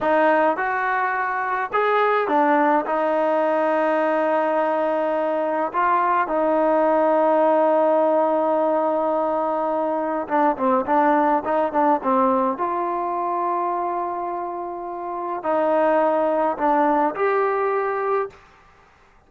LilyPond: \new Staff \with { instrumentName = "trombone" } { \time 4/4 \tempo 4 = 105 dis'4 fis'2 gis'4 | d'4 dis'2.~ | dis'2 f'4 dis'4~ | dis'1~ |
dis'2 d'8 c'8 d'4 | dis'8 d'8 c'4 f'2~ | f'2. dis'4~ | dis'4 d'4 g'2 | }